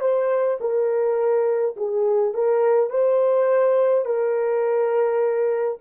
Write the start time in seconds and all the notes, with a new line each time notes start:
0.00 C5
0.60 A#4
1.76 G#4
2.34 A#4
2.90 C5
4.05 A#4